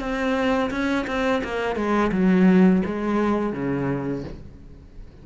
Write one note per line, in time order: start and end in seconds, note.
0.00 0.71 C4
0.71 1.06 C#4
1.07 1.42 C4
1.44 1.76 A#3
1.76 2.11 G#3
2.12 2.83 F#3
2.86 3.54 G#3
3.54 4.24 C#3